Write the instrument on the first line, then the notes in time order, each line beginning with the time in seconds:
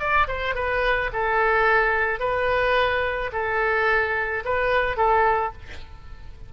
oboe
0.00 D5
0.28 C5
0.55 B4
1.13 A4
2.20 B4
3.33 A4
4.45 B4
4.97 A4